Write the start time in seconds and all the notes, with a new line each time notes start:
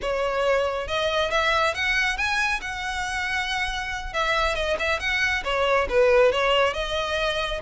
0.01 C#5
0.87 D#5
1.30 E5
1.74 F#5
2.17 G#5
2.61 F#5
4.13 E5
4.55 D#5
4.79 E5
4.99 F#5
5.44 C#5
5.89 B4
6.32 C#5
6.73 D#5